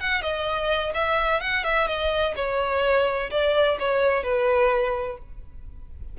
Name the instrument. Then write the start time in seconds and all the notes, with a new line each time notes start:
violin
0.00 F#5
0.22 D#5
0.94 E5
1.41 F#5
1.64 E5
1.87 D#5
2.36 C#5
3.30 D5
3.79 C#5
4.23 B4